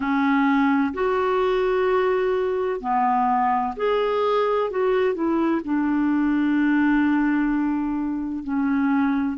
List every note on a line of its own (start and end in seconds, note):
0.00 0.93 C#4
0.93 2.80 F#4
2.80 3.74 B3
3.76 4.70 G#4
4.70 5.14 F#4
5.14 5.61 E4
5.64 8.43 D4
8.43 9.37 C#4